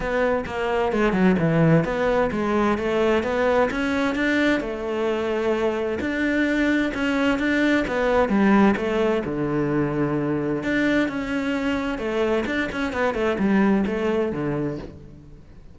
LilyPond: \new Staff \with { instrumentName = "cello" } { \time 4/4 \tempo 4 = 130 b4 ais4 gis8 fis8 e4 | b4 gis4 a4 b4 | cis'4 d'4 a2~ | a4 d'2 cis'4 |
d'4 b4 g4 a4 | d2. d'4 | cis'2 a4 d'8 cis'8 | b8 a8 g4 a4 d4 | }